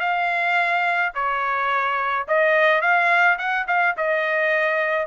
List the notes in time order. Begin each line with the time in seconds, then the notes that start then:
0.00 F5
1.14 C#5
2.27 D#5
2.81 F5
3.38 F#5
3.67 F5
3.97 D#5